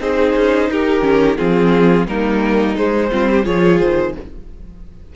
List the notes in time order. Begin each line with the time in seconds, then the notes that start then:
0.00 C4 D#4 G#4 C5
0.36 C#4
0.70 D#4 G4 A#4
1.01 D#3 C#4
1.38 F3 C4 F4 G#4
2.07 G3 A#3 D#4 A#4
2.77 G#3 C5
3.12 G3 C4 F4
3.30 G4
3.44 F3 F4 G#4 C#5
3.79 D#3 C5